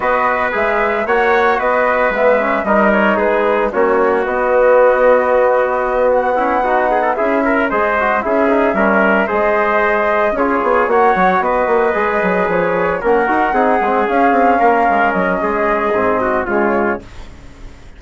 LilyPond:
<<
  \new Staff \with { instrumentName = "flute" } { \time 4/4 \tempo 4 = 113 dis''4 e''4 fis''4 dis''4 | e''4 dis''8 cis''8 b'4 cis''4 | dis''2.~ dis''8 fis''8~ | fis''4. e''4 dis''4 e''8~ |
e''4. dis''2 cis''8~ | cis''8 fis''4 dis''2 cis''8~ | cis''8 fis''2 f''4.~ | f''8 dis''2~ dis''8 cis''4 | }
  \new Staff \with { instrumentName = "trumpet" } { \time 4/4 b'2 cis''4 b'4~ | b'4 ais'4 gis'4 fis'4~ | fis'1 | e'8 fis'8 gis'16 a'16 gis'8 ais'8 c''4 gis'8~ |
gis'8 ais'4 c''2 gis'8~ | gis'8 cis''4 b'2~ b'8~ | b'8 ais'4 gis'2 ais'8~ | ais'4 gis'4. fis'8 f'4 | }
  \new Staff \with { instrumentName = "trombone" } { \time 4/4 fis'4 gis'4 fis'2 | b8 cis'8 dis'2 cis'4 | b1 | cis'8 dis'4 e'4 gis'8 fis'8 e'8 |
dis'8 cis'4 gis'2 f'8~ | f'8 fis'2 gis'4.~ | gis'8 cis'8 fis'8 dis'8 c'8 cis'4.~ | cis'2 c'4 gis4 | }
  \new Staff \with { instrumentName = "bassoon" } { \time 4/4 b4 gis4 ais4 b4 | gis4 g4 gis4 ais4 | b1~ | b4. cis'4 gis4 cis'8~ |
cis'8 g4 gis2 cis'8 | b8 ais8 fis8 b8 ais8 gis8 fis8 f8~ | f8 ais8 dis'8 c'8 gis8 cis'8 c'8 ais8 | gis8 fis8 gis4 gis,4 cis4 | }
>>